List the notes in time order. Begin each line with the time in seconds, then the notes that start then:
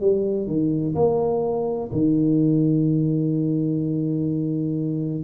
0.00 G3
0.47 D#3
0.95 A#3
1.92 D#3